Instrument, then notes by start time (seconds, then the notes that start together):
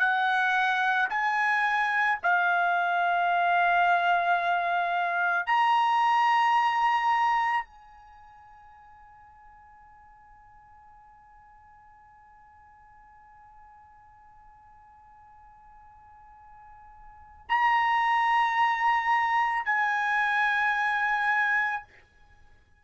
trumpet
0.00 F#5
1.10 G#5
2.23 F5
5.47 A#5
7.65 G#5
17.49 A#5
19.66 G#5